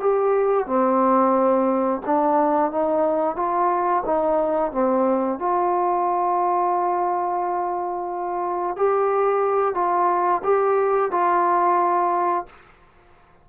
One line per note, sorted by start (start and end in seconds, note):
0.00 0.66 G4
0.66 2.01 C4
2.06 2.71 D4
2.71 3.36 D#4
3.36 4.04 F4
4.05 4.72 D#4
4.72 5.39 C4
5.39 8.76 F4
8.76 9.75 G4
9.75 10.42 F4
10.44 11.11 G4
11.11 12.46 F4